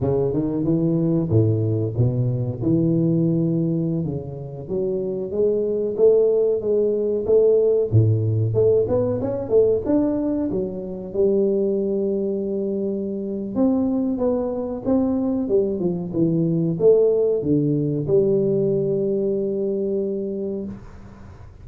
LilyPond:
\new Staff \with { instrumentName = "tuba" } { \time 4/4 \tempo 4 = 93 cis8 dis8 e4 a,4 b,4 | e2~ e16 cis4 fis8.~ | fis16 gis4 a4 gis4 a8.~ | a16 a,4 a8 b8 cis'8 a8 d'8.~ |
d'16 fis4 g2~ g8.~ | g4 c'4 b4 c'4 | g8 f8 e4 a4 d4 | g1 | }